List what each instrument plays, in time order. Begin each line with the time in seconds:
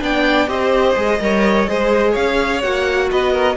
0.00 cello B3, viola D4, violin D5 G5
0.48 cello C4, viola G4, violin C5 D#5
0.96 cello G#3, viola G#4
1.20 cello G3, viola A#4, violin C#5
1.68 cello G#3, viola G#4, violin C5
2.12 cello C#4, violin C#5 F5
2.62 cello A#3, viola F#4, violin F#5
3.11 cello B3, violin B4 D#5
3.32 violin A#4